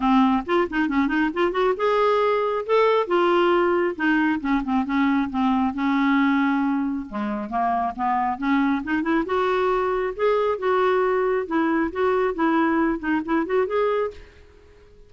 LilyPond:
\new Staff \with { instrumentName = "clarinet" } { \time 4/4 \tempo 4 = 136 c'4 f'8 dis'8 cis'8 dis'8 f'8 fis'8 | gis'2 a'4 f'4~ | f'4 dis'4 cis'8 c'8 cis'4 | c'4 cis'2. |
gis4 ais4 b4 cis'4 | dis'8 e'8 fis'2 gis'4 | fis'2 e'4 fis'4 | e'4. dis'8 e'8 fis'8 gis'4 | }